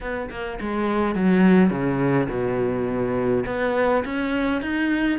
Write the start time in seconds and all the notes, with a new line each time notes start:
0.00 B3
0.30 A#3
0.60 G#3
1.15 F#3
1.70 C#3
2.29 B2
3.46 B3
4.04 C#4
4.61 D#4